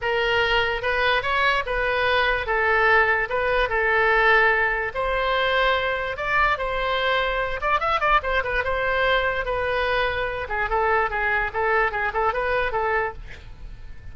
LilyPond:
\new Staff \with { instrumentName = "oboe" } { \time 4/4 \tempo 4 = 146 ais'2 b'4 cis''4 | b'2 a'2 | b'4 a'2. | c''2. d''4 |
c''2~ c''8 d''8 e''8 d''8 | c''8 b'8 c''2 b'4~ | b'4. gis'8 a'4 gis'4 | a'4 gis'8 a'8 b'4 a'4 | }